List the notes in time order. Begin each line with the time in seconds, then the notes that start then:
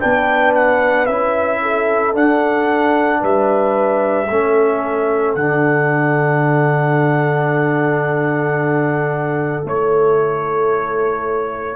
0.00 B3 D4 B4 G5
0.55 F#5
1.06 C#4 E4 E5
1.62 A4
2.14 D4 F#5
3.20 G3 B4 E5
4.29 A3 C#4 A4
5.35 D3 D4 F#5
9.63 A3 E4 C#5